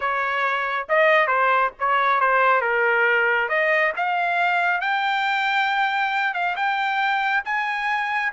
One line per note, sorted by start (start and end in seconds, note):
0.00 0.87 C#5
0.88 1.27 D#5
1.27 1.71 C5
1.79 2.20 C#5
2.20 2.61 C5
2.61 3.48 A#4
3.48 3.92 D#5
3.96 4.81 F5
4.81 6.33 G5
6.33 6.55 F5
6.56 7.43 G5
7.45 8.32 G#5